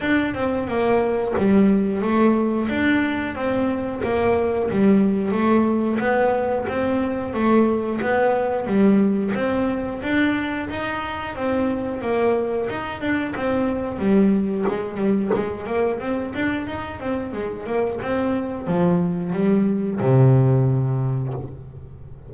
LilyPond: \new Staff \with { instrumentName = "double bass" } { \time 4/4 \tempo 4 = 90 d'8 c'8 ais4 g4 a4 | d'4 c'4 ais4 g4 | a4 b4 c'4 a4 | b4 g4 c'4 d'4 |
dis'4 c'4 ais4 dis'8 d'8 | c'4 g4 gis8 g8 gis8 ais8 | c'8 d'8 dis'8 c'8 gis8 ais8 c'4 | f4 g4 c2 | }